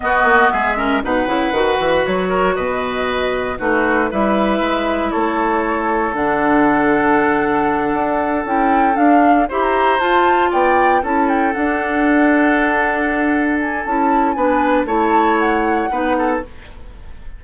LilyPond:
<<
  \new Staff \with { instrumentName = "flute" } { \time 4/4 \tempo 4 = 117 dis''4 e''4 fis''2 | cis''4 dis''2 b'4 | e''2 cis''2 | fis''1~ |
fis''8 g''4 f''4 b''16 ais''8. a''8~ | a''8 g''4 a''8 g''8 fis''4.~ | fis''2~ fis''8 gis''8 a''4 | gis''4 a''4 fis''2 | }
  \new Staff \with { instrumentName = "oboe" } { \time 4/4 fis'4 gis'8 ais'8 b'2~ | b'8 ais'8 b'2 fis'4 | b'2 a'2~ | a'1~ |
a'2~ a'8 c''4.~ | c''8 d''4 a'2~ a'8~ | a'1 | b'4 cis''2 b'8 a'8 | }
  \new Staff \with { instrumentName = "clarinet" } { \time 4/4 b4. cis'8 dis'8 e'8 fis'4~ | fis'2. dis'4 | e'1 | d'1~ |
d'8 e'4 d'4 g'4 f'8~ | f'4. e'4 d'4.~ | d'2. e'4 | d'4 e'2 dis'4 | }
  \new Staff \with { instrumentName = "bassoon" } { \time 4/4 b8 ais8 gis4 b,8 cis8 dis8 e8 | fis4 b,2 a4 | g4 gis4 a2 | d2.~ d8 d'8~ |
d'8 cis'4 d'4 e'4 f'8~ | f'8 b4 cis'4 d'4.~ | d'2. cis'4 | b4 a2 b4 | }
>>